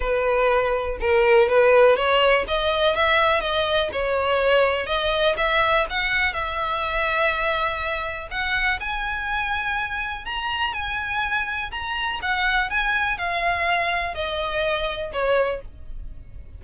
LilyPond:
\new Staff \with { instrumentName = "violin" } { \time 4/4 \tempo 4 = 123 b'2 ais'4 b'4 | cis''4 dis''4 e''4 dis''4 | cis''2 dis''4 e''4 | fis''4 e''2.~ |
e''4 fis''4 gis''2~ | gis''4 ais''4 gis''2 | ais''4 fis''4 gis''4 f''4~ | f''4 dis''2 cis''4 | }